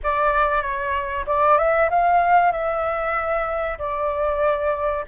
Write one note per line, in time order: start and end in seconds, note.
0.03 0.62 D5
0.62 1.25 C#5
1.26 1.58 D5
1.58 1.89 E5
1.89 2.51 F5
2.51 3.78 E5
3.78 5.04 D5